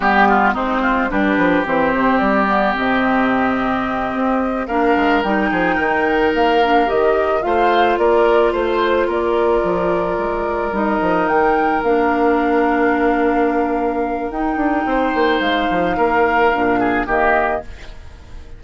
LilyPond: <<
  \new Staff \with { instrumentName = "flute" } { \time 4/4 \tempo 4 = 109 g'4 c''4 b'4 c''4 | d''4 dis''2.~ | dis''8 f''4 g''2 f''8~ | f''8 dis''4 f''4 d''4 c''8~ |
c''8 d''2. dis''8~ | dis''8 g''4 f''2~ f''8~ | f''2 g''2 | f''2. dis''4 | }
  \new Staff \with { instrumentName = "oboe" } { \time 4/4 g'8 f'8 dis'8 f'8 g'2~ | g'1~ | g'8 ais'4. gis'8 ais'4.~ | ais'4. c''4 ais'4 c''8~ |
c''8 ais'2.~ ais'8~ | ais'1~ | ais'2. c''4~ | c''4 ais'4. gis'8 g'4 | }
  \new Staff \with { instrumentName = "clarinet" } { \time 4/4 b4 c'4 d'4 c'4~ | c'8 b8 c'2.~ | c'8 d'4 dis'2~ dis'8 | d'8 g'4 f'2~ f'8~ |
f'2.~ f'8 dis'8~ | dis'4. d'2~ d'8~ | d'2 dis'2~ | dis'2 d'4 ais4 | }
  \new Staff \with { instrumentName = "bassoon" } { \time 4/4 g4 gis4 g8 f8 e8 c8 | g4 c2~ c8 c'8~ | c'8 ais8 gis8 g8 f8 dis4 ais8~ | ais8 dis4 a4 ais4 a8~ |
a8 ais4 f4 gis4 g8 | f8 dis4 ais2~ ais8~ | ais2 dis'8 d'8 c'8 ais8 | gis8 f8 ais4 ais,4 dis4 | }
>>